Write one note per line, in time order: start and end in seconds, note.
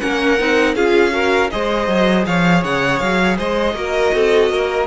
0.00 0.40 A#3
0.00 0.38 C#4
0.00 0.76 A#4
0.00 0.75 F#5
0.39 0.75 C4
0.39 0.76 D#4
0.75 1.50 C#4
0.75 1.11 F4
0.75 1.13 G#4
0.75 1.50 F5
1.11 1.49 F#4
1.11 1.51 A#4
1.50 1.88 G#3
1.50 3.74 G#4
1.50 2.27 C5
1.50 2.25 D#5
1.88 2.26 F#3
2.26 2.64 F3
2.26 3.38 C#5
2.26 2.64 F5
2.64 3.01 C#3
2.64 3.00 F#5
3.00 3.39 F#3
3.00 3.37 F5
3.38 3.74 G#3
3.38 3.75 C5
3.38 4.87 D#5
3.74 4.12 A#3
3.74 4.87 F#4
3.74 4.15 A#4
4.14 4.50 C4
4.14 4.52 A4
4.50 4.87 A#3
4.50 4.87 A#4